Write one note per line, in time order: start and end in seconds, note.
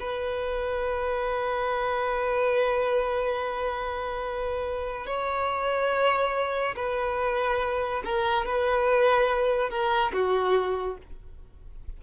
0.00 5.06 B4
5.06 6.75 C#5
6.76 8.03 B4
8.05 8.45 A#4
8.45 9.70 B4
9.70 10.12 A#4
10.13 10.97 F#4